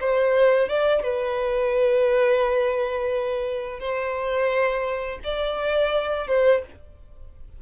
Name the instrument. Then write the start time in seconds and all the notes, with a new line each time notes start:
violin
0.00 C5
0.68 D5
1.03 B4
3.80 C5
5.24 D5
6.27 C5